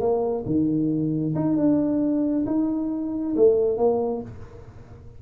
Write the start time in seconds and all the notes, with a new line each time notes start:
0.00 A#3
0.46 D#3
1.35 D#4
1.57 D4
2.46 D#4
3.37 A3
3.78 A#3